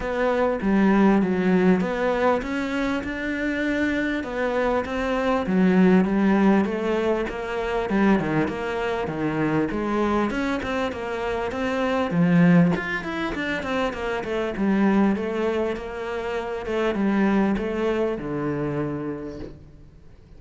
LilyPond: \new Staff \with { instrumentName = "cello" } { \time 4/4 \tempo 4 = 99 b4 g4 fis4 b4 | cis'4 d'2 b4 | c'4 fis4 g4 a4 | ais4 g8 dis8 ais4 dis4 |
gis4 cis'8 c'8 ais4 c'4 | f4 f'8 e'8 d'8 c'8 ais8 a8 | g4 a4 ais4. a8 | g4 a4 d2 | }